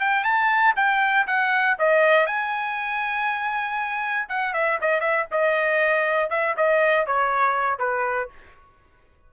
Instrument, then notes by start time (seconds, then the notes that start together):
trumpet
0.00 G5
0.24 A5
0.76 G5
1.27 F#5
1.79 D#5
2.26 G#5
4.29 F#5
4.53 E5
4.81 D#5
5.00 E5
5.31 D#5
6.30 E5
6.57 D#5
7.06 C#5
7.79 B4